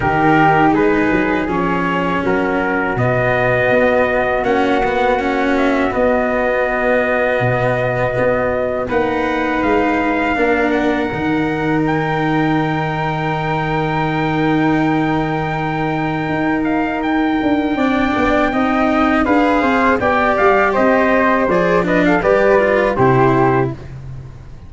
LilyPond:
<<
  \new Staff \with { instrumentName = "trumpet" } { \time 4/4 \tempo 4 = 81 ais'4 b'4 cis''4 ais'4 | dis''2 fis''4. e''8 | dis''1 | fis''4 f''4. fis''4. |
g''1~ | g''2~ g''8 f''8 g''4~ | g''2 f''4 g''8 f''8 | dis''4 d''8 dis''16 f''16 d''4 c''4 | }
  \new Staff \with { instrumentName = "flute" } { \time 4/4 g'4 gis'2 fis'4~ | fis'1~ | fis'1 | b'2 ais'2~ |
ais'1~ | ais'1 | d''4 dis''4 b'8 c''8 d''4 | c''4. b'16 a'16 b'4 g'4 | }
  \new Staff \with { instrumentName = "cello" } { \time 4/4 dis'2 cis'2 | b2 cis'8 b8 cis'4 | b1 | dis'2 d'4 dis'4~ |
dis'1~ | dis'1 | d'4 dis'4 gis'4 g'4~ | g'4 gis'8 d'8 g'8 f'8 e'4 | }
  \new Staff \with { instrumentName = "tuba" } { \time 4/4 dis4 gis8 fis8 f4 fis4 | b,4 b4 ais2 | b2 b,4 b4 | ais4 gis4 ais4 dis4~ |
dis1~ | dis2 dis'4. d'8 | c'8 b8 c'4 d'8 c'8 b8 g8 | c'4 f4 g4 c4 | }
>>